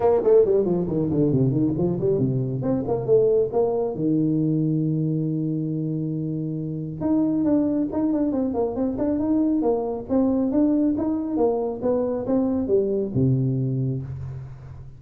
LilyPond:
\new Staff \with { instrumentName = "tuba" } { \time 4/4 \tempo 4 = 137 ais8 a8 g8 f8 dis8 d8 c8 dis8 | f8 g8 c4 c'8 ais8 a4 | ais4 dis2.~ | dis1 |
dis'4 d'4 dis'8 d'8 c'8 ais8 | c'8 d'8 dis'4 ais4 c'4 | d'4 dis'4 ais4 b4 | c'4 g4 c2 | }